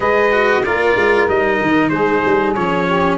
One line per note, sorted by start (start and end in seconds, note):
0.00 0.62 G#3
0.00 0.31 G#4
0.00 0.63 B4
0.00 0.64 D#5
0.31 0.63 F#4
0.64 0.95 A#3
0.64 1.27 F4
0.64 1.91 A#4
0.64 1.28 D5
0.95 1.27 G#3
1.27 1.59 G3
1.27 2.55 D#4
1.27 1.89 D#5
1.61 1.90 D#3
1.89 2.22 G#3
1.89 2.86 G#4
1.89 2.53 C5
2.25 2.56 G3
2.54 3.17 F3
2.54 3.17 C#4
2.54 3.17 C#5
2.86 3.17 G4